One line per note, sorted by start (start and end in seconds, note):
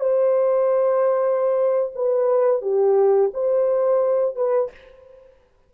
0.00 1.92 C5
1.95 2.61 B4
2.61 3.31 G4
3.33 4.36 C5
4.36 4.71 B4